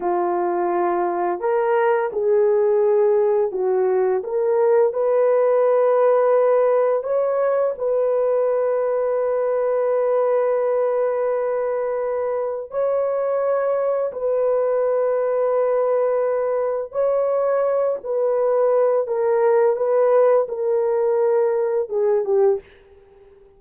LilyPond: \new Staff \with { instrumentName = "horn" } { \time 4/4 \tempo 4 = 85 f'2 ais'4 gis'4~ | gis'4 fis'4 ais'4 b'4~ | b'2 cis''4 b'4~ | b'1~ |
b'2 cis''2 | b'1 | cis''4. b'4. ais'4 | b'4 ais'2 gis'8 g'8 | }